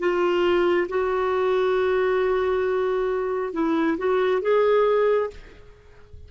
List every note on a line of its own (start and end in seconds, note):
0.00 0.88 F4
0.89 3.54 F#4
3.54 3.98 E4
3.98 4.42 F#4
4.42 5.31 G#4